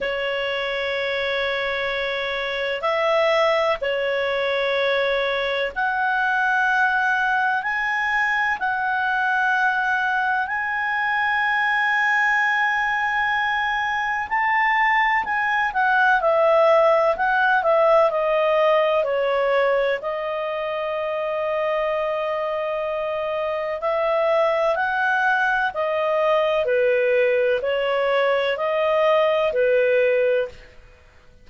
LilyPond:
\new Staff \with { instrumentName = "clarinet" } { \time 4/4 \tempo 4 = 63 cis''2. e''4 | cis''2 fis''2 | gis''4 fis''2 gis''4~ | gis''2. a''4 |
gis''8 fis''8 e''4 fis''8 e''8 dis''4 | cis''4 dis''2.~ | dis''4 e''4 fis''4 dis''4 | b'4 cis''4 dis''4 b'4 | }